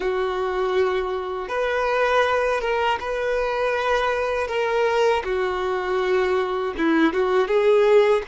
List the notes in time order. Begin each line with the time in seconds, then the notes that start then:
0.00 F#4
1.48 B4
2.60 A#4
3.00 B4
4.47 A#4
5.23 F#4
6.77 E4
7.13 F#4
7.47 G#4